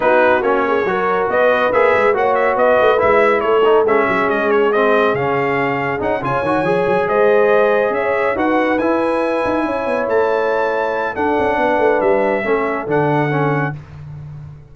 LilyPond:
<<
  \new Staff \with { instrumentName = "trumpet" } { \time 4/4 \tempo 4 = 140 b'4 cis''2 dis''4 | e''4 fis''8 e''8 dis''4 e''4 | cis''4 e''4 dis''8 cis''8 dis''4 | f''2 fis''8 gis''4.~ |
gis''8 dis''2 e''4 fis''8~ | fis''8 gis''2. a''8~ | a''2 fis''2 | e''2 fis''2 | }
  \new Staff \with { instrumentName = "horn" } { \time 4/4 fis'4. gis'8 ais'4 b'4~ | b'4 cis''4 b'2 | a'4. gis'2~ gis'8~ | gis'2~ gis'8 cis''4.~ |
cis''8 c''2 cis''4 b'8~ | b'2~ b'8 cis''4.~ | cis''2 a'4 b'4~ | b'4 a'2. | }
  \new Staff \with { instrumentName = "trombone" } { \time 4/4 dis'4 cis'4 fis'2 | gis'4 fis'2 e'4~ | e'8 dis'8 cis'2 c'4 | cis'2 dis'8 f'8 fis'8 gis'8~ |
gis'2.~ gis'8 fis'8~ | fis'8 e'2.~ e'8~ | e'2 d'2~ | d'4 cis'4 d'4 cis'4 | }
  \new Staff \with { instrumentName = "tuba" } { \time 4/4 b4 ais4 fis4 b4 | ais8 gis8 ais4 b8 a8 gis4 | a4 gis8 fis8 gis2 | cis2 cis'8 cis8 dis8 f8 |
fis8 gis2 cis'4 dis'8~ | dis'8 e'4. dis'8 cis'8 b8 a8~ | a2 d'8 cis'8 b8 a8 | g4 a4 d2 | }
>>